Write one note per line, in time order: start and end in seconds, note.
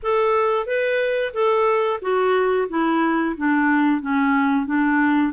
0.02 0.66 A4
0.66 1.32 B4
1.33 2.00 A4
2.01 2.68 F#4
2.68 3.35 E4
3.36 4.01 D4
4.01 4.65 C#4
4.65 5.32 D4